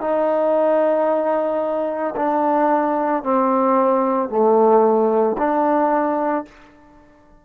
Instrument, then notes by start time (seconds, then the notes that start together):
trombone
0.00 D#4
2.16 D4
3.23 C4
4.29 A3
5.38 D4